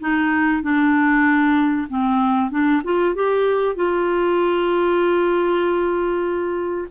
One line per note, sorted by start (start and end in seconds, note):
0.00 0.62 D#4
0.62 1.88 D4
1.89 2.51 C4
2.51 2.82 D4
2.84 3.15 F4
3.15 3.76 G4
3.76 6.88 F4